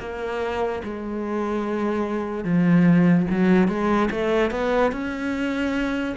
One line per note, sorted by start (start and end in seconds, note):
0.00 0.82 A#3
0.84 2.44 G#3
2.44 3.27 F3
3.31 3.68 F#3
3.68 4.09 G#3
4.11 4.51 A3
4.51 4.92 B3
4.92 6.16 C#4